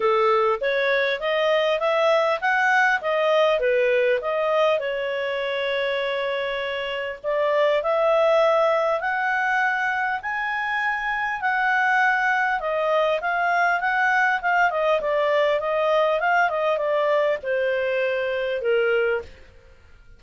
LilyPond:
\new Staff \with { instrumentName = "clarinet" } { \time 4/4 \tempo 4 = 100 a'4 cis''4 dis''4 e''4 | fis''4 dis''4 b'4 dis''4 | cis''1 | d''4 e''2 fis''4~ |
fis''4 gis''2 fis''4~ | fis''4 dis''4 f''4 fis''4 | f''8 dis''8 d''4 dis''4 f''8 dis''8 | d''4 c''2 ais'4 | }